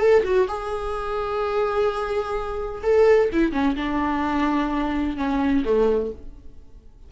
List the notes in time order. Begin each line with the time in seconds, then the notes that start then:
0.00 A4
0.24 F#4
0.48 G#4
2.83 A4
3.33 E4
3.52 C#4
3.76 D4
5.17 C#4
5.65 A3